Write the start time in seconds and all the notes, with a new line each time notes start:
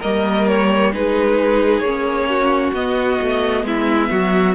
0.00 G3 A#3 A#4 D#5
0.47 C#5
0.93 G#3 D#4 G#4 B4
1.80 A#3 C#4 C#5
2.29 F#4
2.73 B3 D#5
3.21 A3
3.63 G#3 E4 E5
4.10 F#3 F#4